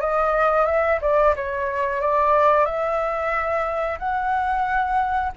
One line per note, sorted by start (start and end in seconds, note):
0.00 0.65 D#5
0.65 0.99 E5
1.01 1.35 D5
1.35 2.01 C#5
2.01 2.65 D5
2.65 3.98 E5
3.98 5.32 F#5